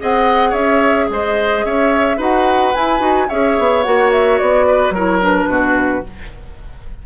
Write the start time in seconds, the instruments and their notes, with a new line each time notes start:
0.00 bassoon C4, clarinet G#4, oboe D#5, flute F#5
0.50 bassoon C#4, oboe C#5, flute E5
1.10 bassoon G#3, oboe C5, flute D#5
1.65 bassoon C#4, oboe C#5, flute E5
2.17 bassoon D#4, clarinet F#4, oboe B4, flute F#5
2.75 clarinet E4, bassoon E4, flute G#5
2.99 bassoon D#4, clarinet F#4
3.29 bassoon C#4, clarinet G#4, oboe C#5, flute E5
3.59 bassoon B3
3.83 bassoon A#3, clarinet F#4, flute F#5
4.12 flute E5
4.38 bassoon B3, flute D5
4.68 oboe B4
4.90 bassoon F#3, clarinet E4, oboe A#4, flute C#5
5.21 clarinet D4, flute B4
5.48 bassoon B2, oboe F#4